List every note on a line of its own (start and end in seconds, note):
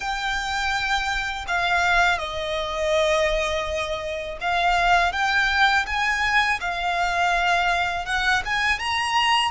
0.00 1.45 G5
1.47 2.18 F5
2.18 4.38 D#5
4.40 5.12 F5
5.12 5.85 G5
5.86 6.59 G#5
6.60 8.05 F5
8.05 8.42 F#5
8.45 8.79 G#5
8.79 9.51 A#5